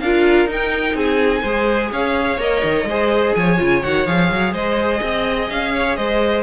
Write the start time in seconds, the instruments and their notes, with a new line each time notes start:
0.00 cello D4, viola F4, violin A#4 F5
0.46 cello D#4, viola D#4
0.53 violin G5
0.95 cello C4, violin G#4 G#5
1.41 cello G#3, viola G#4, violin C5
1.92 cello C#4, violin C#5 F5
2.38 cello A#3, viola A#4, violin D#5
2.64 cello D#3
2.84 cello G#3, viola G#4, violin C5
3.35 cello F3, violin C#5 G#5
3.58 cello C#3, viola F4
3.83 cello D#3, viola F#4, violin F#5
4.06 cello F3, viola G#4, violin F5
4.31 cello F#3
4.53 cello G#3, violin C5 D#5
5.02 cello C4, violin D#5
5.50 cello C#4, violin F5
5.74 violin C#5
5.97 cello G#3, violin C5 D#5